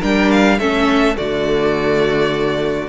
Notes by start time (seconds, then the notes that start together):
0.00 G3 D4 A#4 G5
0.31 F5
0.59 A3 C#4 A4 E5
1.15 D3 A3 F#4 D5